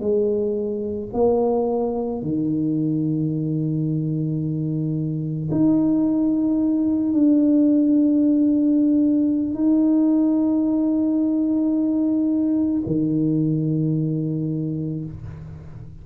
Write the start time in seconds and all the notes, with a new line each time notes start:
0.00 G#3
1.13 A#3
2.22 D#3
5.51 D#4
7.13 D4
9.54 D#4
12.86 D#3